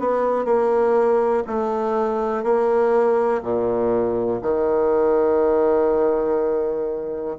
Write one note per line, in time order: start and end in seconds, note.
0.00 0.46 B3
0.46 1.44 A#3
1.47 2.44 A3
2.44 3.42 A#3
3.42 4.41 A#2
4.42 7.37 D#3